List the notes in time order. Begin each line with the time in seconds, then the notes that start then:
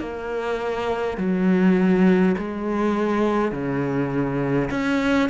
0.00 A#3
1.18 F#3
2.38 G#3
3.52 C#3
4.71 C#4